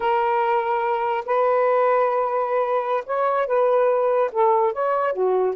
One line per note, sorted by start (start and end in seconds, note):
0.00 1.24 A#4
1.25 3.03 B4
3.06 3.46 C#5
3.46 4.30 B4
4.32 4.73 A4
4.73 5.13 C#5
5.13 5.55 F#4